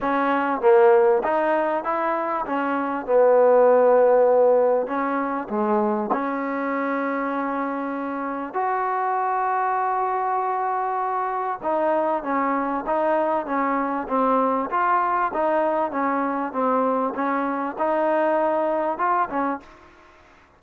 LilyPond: \new Staff \with { instrumentName = "trombone" } { \time 4/4 \tempo 4 = 98 cis'4 ais4 dis'4 e'4 | cis'4 b2. | cis'4 gis4 cis'2~ | cis'2 fis'2~ |
fis'2. dis'4 | cis'4 dis'4 cis'4 c'4 | f'4 dis'4 cis'4 c'4 | cis'4 dis'2 f'8 cis'8 | }